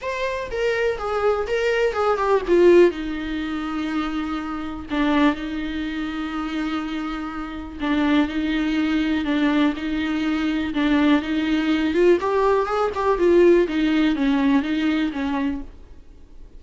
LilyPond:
\new Staff \with { instrumentName = "viola" } { \time 4/4 \tempo 4 = 123 c''4 ais'4 gis'4 ais'4 | gis'8 g'8 f'4 dis'2~ | dis'2 d'4 dis'4~ | dis'1 |
d'4 dis'2 d'4 | dis'2 d'4 dis'4~ | dis'8 f'8 g'4 gis'8 g'8 f'4 | dis'4 cis'4 dis'4 cis'4 | }